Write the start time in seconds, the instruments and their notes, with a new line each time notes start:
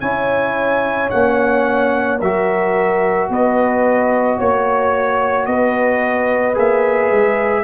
0.00 tuba C#4, trombone E4, horn C#5, trumpet G#5
1.10 tuba A#3, trombone C#4, trumpet F#5
2.18 tuba F#3, trombone F#4, horn A#4, trumpet E5
3.29 tuba B3, horn B4, trumpet D#5
4.38 tuba A#3, horn C#5, trumpet C#5
5.46 tuba B3, horn B4, trumpet D#5
6.54 tuba A#3, trombone G#4, trumpet E5
7.11 tuba G#3